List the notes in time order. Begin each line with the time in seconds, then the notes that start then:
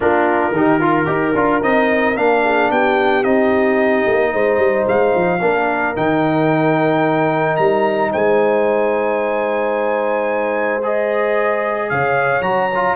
0.00 A#3 D4 F4 A#4
0.51 D#3 D#4 G4
0.79 F4
1.05 D#4 G4 A#4
1.34 D4 F4
1.62 C4 D#4 D#5
2.15 A#3 D4 F5
2.43 G#4
2.70 B3 G4 G5
3.23 C4 D#4 D#5
4.06 A#3
4.32 G#3 C5
4.58 G3
4.87 G#3 F5
5.15 F3
5.40 A#3 D4 A#4
5.95 D#3 D#4 G5
7.56 G3 A#5
8.11 G#3 C5 G#5
10.83 G#4 D#5
11.89 C#3 C#5 F5
12.41 F#3 F#4 A#5
12.75 F4